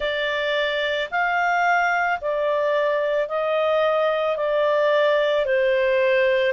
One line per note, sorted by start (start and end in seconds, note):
0.00 1.09 D5
1.10 2.19 F5
2.21 3.28 D5
3.28 4.36 D#5
4.36 5.45 D5
5.45 6.52 C5